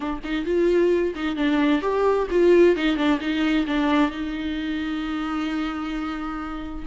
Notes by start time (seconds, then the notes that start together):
0.00 D4
0.24 D#4
0.45 F4
1.15 D#4
1.35 D4
1.81 G4
2.30 F4
2.76 D#4
2.96 D4
3.20 D#4
3.66 D4
4.10 D#4